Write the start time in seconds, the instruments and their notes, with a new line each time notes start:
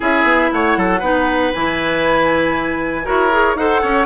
0.00 bassoon C#4, clarinet E4, oboe G#4, flute E5
0.23 bassoon B3
0.52 bassoon A3, oboe C#5, flute F#5
0.76 bassoon F#3, oboe A4
0.99 bassoon B3, clarinet D#4, oboe B4
1.53 bassoon E3, clarinet E4, flute G#5
3.04 bassoon E4, clarinet F#4, oboe A#4, flute C#5
3.31 clarinet G#4
3.55 bassoon D#4, clarinet A4, oboe C5, flute F#5
3.81 bassoon C#4, oboe C#5